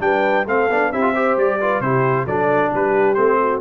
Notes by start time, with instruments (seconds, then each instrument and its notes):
0.00 tuba G3, trombone D4, horn B4, trumpet G5
0.46 tuba A3, trombone C4, horn A4, trumpet F5
0.70 tuba B3, trombone D4
0.93 tuba C4, trombone E4, horn G4, trumpet E5
1.02 trombone F4
1.14 trombone G4, horn C5
1.37 tuba G3, trumpet D5
1.61 trombone F4, horn B4
1.81 tuba C3, trombone E4, horn G4, trumpet C5
2.26 tuba F#3, trombone D4, horn A4, trumpet D5
2.73 tuba G3, horn G4, trumpet B4
3.15 tuba A3, trombone C4, trumpet C5
3.41 horn F#4